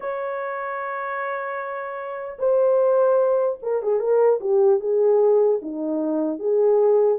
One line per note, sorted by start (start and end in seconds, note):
0.00 2.38 C#5
2.39 3.59 C5
3.62 3.82 A#4
3.82 3.99 G#4
3.99 4.39 A#4
4.40 4.80 G4
4.80 5.60 G#4
5.62 6.39 D#4
6.39 7.18 G#4